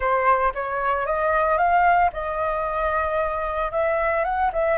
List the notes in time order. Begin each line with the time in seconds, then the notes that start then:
0.00 C5
0.54 C#5
1.05 D#5
1.57 F5
2.12 D#5
3.71 E5
4.24 F#5
4.52 E5